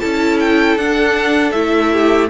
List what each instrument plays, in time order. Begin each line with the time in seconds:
0.00 cello C#4, viola E4, violin A4 A5
0.40 violin G5
0.76 cello D4, viola D4, violin F#5
1.52 cello A3, viola E4, violin E5
1.93 violin G4